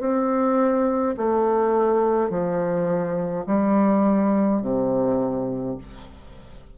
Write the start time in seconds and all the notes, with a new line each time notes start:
0.00 C4
1.17 A3
2.30 F3
3.47 G3
4.62 C3